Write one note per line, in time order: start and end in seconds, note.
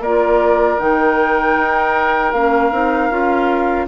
0.00 0.77 A#3
0.00 0.79 F4
0.00 3.86 A#4
0.00 0.80 D5
0.79 1.57 D#3
0.79 2.33 D#4
0.79 2.33 G5
1.57 2.33 D#4
2.33 2.72 A#3
2.33 2.72 C#4
2.33 3.86 F5
2.72 3.10 C4
2.72 3.11 D#4
3.10 3.87 C#4
3.10 3.88 F4